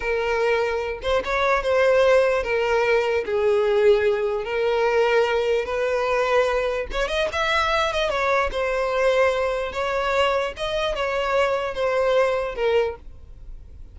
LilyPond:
\new Staff \with { instrumentName = "violin" } { \time 4/4 \tempo 4 = 148 ais'2~ ais'8 c''8 cis''4 | c''2 ais'2 | gis'2. ais'4~ | ais'2 b'2~ |
b'4 cis''8 dis''8 e''4. dis''8 | cis''4 c''2. | cis''2 dis''4 cis''4~ | cis''4 c''2 ais'4 | }